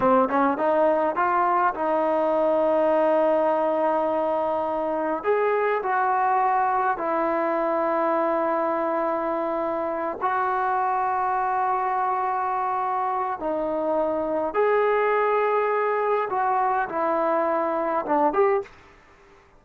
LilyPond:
\new Staff \with { instrumentName = "trombone" } { \time 4/4 \tempo 4 = 103 c'8 cis'8 dis'4 f'4 dis'4~ | dis'1~ | dis'4 gis'4 fis'2 | e'1~ |
e'4. fis'2~ fis'8~ | fis'2. dis'4~ | dis'4 gis'2. | fis'4 e'2 d'8 g'8 | }